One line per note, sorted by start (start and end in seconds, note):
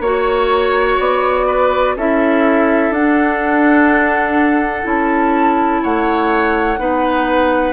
0.00 0.97 A#3
0.00 1.97 F#4
0.00 1.46 C#5
0.00 0.99 C#5
0.99 1.96 B3
0.99 1.97 D5
1.47 1.95 B4
1.96 2.90 C#4
1.96 2.95 E4
1.96 5.82 A4
1.96 2.93 E5
2.90 4.83 D4
2.90 4.87 F#5
4.83 5.82 C#4
4.83 6.76 E4
4.83 5.83 A5
5.82 6.79 A3
5.82 6.79 C#5
5.82 7.73 F#5
6.78 7.73 B3
6.78 7.73 D#4
6.78 7.73 B4